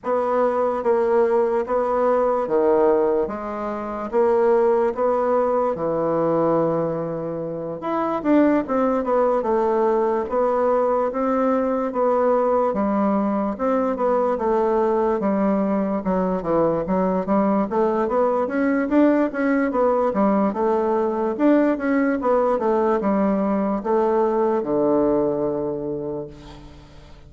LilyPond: \new Staff \with { instrumentName = "bassoon" } { \time 4/4 \tempo 4 = 73 b4 ais4 b4 dis4 | gis4 ais4 b4 e4~ | e4. e'8 d'8 c'8 b8 a8~ | a8 b4 c'4 b4 g8~ |
g8 c'8 b8 a4 g4 fis8 | e8 fis8 g8 a8 b8 cis'8 d'8 cis'8 | b8 g8 a4 d'8 cis'8 b8 a8 | g4 a4 d2 | }